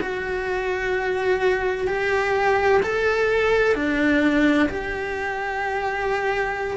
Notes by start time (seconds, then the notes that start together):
0.00 F#4
1.87 G4
2.83 A4
3.75 D4
4.69 G4